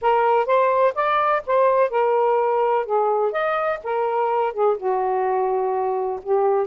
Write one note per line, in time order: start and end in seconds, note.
0.01 0.45 A#4
0.45 0.93 C5
0.94 1.42 D5
1.46 1.90 C5
1.90 2.85 A#4
2.85 3.32 G#4
3.32 3.79 D#5
3.83 4.53 A#4
4.53 4.76 G#4
4.77 6.20 F#4
6.22 6.67 G4